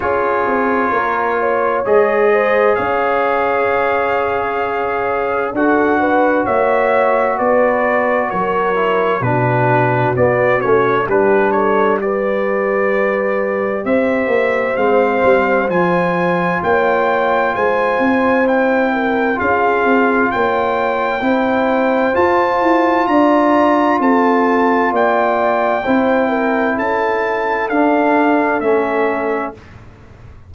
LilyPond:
<<
  \new Staff \with { instrumentName = "trumpet" } { \time 4/4 \tempo 4 = 65 cis''2 dis''4 f''4~ | f''2 fis''4 e''4 | d''4 cis''4 b'4 d''8 cis''8 | b'8 cis''8 d''2 e''4 |
f''4 gis''4 g''4 gis''4 | g''4 f''4 g''2 | a''4 ais''4 a''4 g''4~ | g''4 a''4 f''4 e''4 | }
  \new Staff \with { instrumentName = "horn" } { \time 4/4 gis'4 ais'8 cis''4 c''8 cis''4~ | cis''2 a'8 b'8 cis''4 | b'4 ais'4 fis'2 | g'8 a'8 b'2 c''4~ |
c''2 cis''4 c''4~ | c''8 ais'8 gis'4 cis''4 c''4~ | c''4 d''4 a'4 d''4 | c''8 ais'8 a'2. | }
  \new Staff \with { instrumentName = "trombone" } { \time 4/4 f'2 gis'2~ | gis'2 fis'2~ | fis'4. e'8 d'4 b8 cis'8 | d'4 g'2. |
c'4 f'2. | e'4 f'2 e'4 | f'1 | e'2 d'4 cis'4 | }
  \new Staff \with { instrumentName = "tuba" } { \time 4/4 cis'8 c'8 ais4 gis4 cis'4~ | cis'2 d'4 ais4 | b4 fis4 b,4 b8 a8 | g2. c'8 ais8 |
gis8 g8 f4 ais4 gis8 c'8~ | c'4 cis'8 c'8 ais4 c'4 | f'8 e'8 d'4 c'4 ais4 | c'4 cis'4 d'4 a4 | }
>>